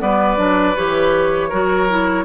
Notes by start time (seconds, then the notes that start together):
0.00 G3 B3 B4 D5
0.37 F#3 D4
0.76 E3 G4 C#5
1.50 F#3 F#4 A#4
1.90 E4